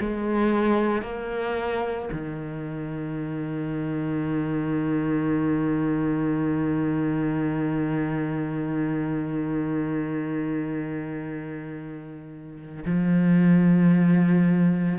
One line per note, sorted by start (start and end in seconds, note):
0.00 1.02 G#3
1.02 2.09 A#3
2.13 12.84 D#3
12.85 14.99 F3